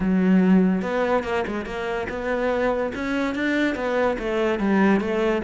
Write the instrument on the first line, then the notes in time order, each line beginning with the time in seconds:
cello
0.00 F#3
0.81 B3
1.23 A#3
1.47 G#3
1.65 A#3
2.09 B3
2.94 C#4
3.34 D4
3.75 B3
4.18 A3
4.59 G3
5.00 A3